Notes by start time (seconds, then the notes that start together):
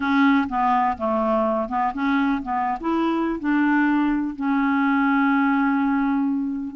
0.00 C#4
0.48 B3
0.97 A3
1.68 B3
1.93 C#4
2.42 B3
2.80 E4
3.39 D4
4.35 C#4